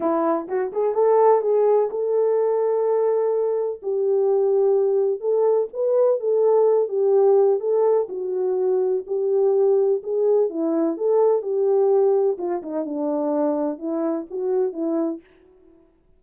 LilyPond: \new Staff \with { instrumentName = "horn" } { \time 4/4 \tempo 4 = 126 e'4 fis'8 gis'8 a'4 gis'4 | a'1 | g'2. a'4 | b'4 a'4. g'4. |
a'4 fis'2 g'4~ | g'4 gis'4 e'4 a'4 | g'2 f'8 dis'8 d'4~ | d'4 e'4 fis'4 e'4 | }